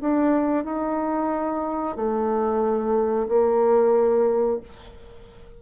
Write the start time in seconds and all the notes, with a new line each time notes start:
0.00 D4
0.64 D#4
1.96 A3
3.28 A#3